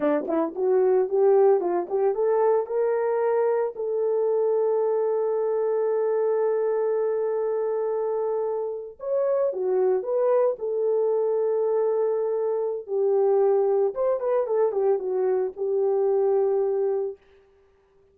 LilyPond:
\new Staff \with { instrumentName = "horn" } { \time 4/4 \tempo 4 = 112 d'8 e'8 fis'4 g'4 f'8 g'8 | a'4 ais'2 a'4~ | a'1~ | a'1~ |
a'8. cis''4 fis'4 b'4 a'16~ | a'1 | g'2 c''8 b'8 a'8 g'8 | fis'4 g'2. | }